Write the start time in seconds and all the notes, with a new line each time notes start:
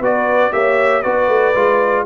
0.00 B3 F#4 B4 D5
0.51 A#3 G4 C#5 E5
1.02 B3 F#4 B4 D5
1.28 A3
1.55 G#3 F4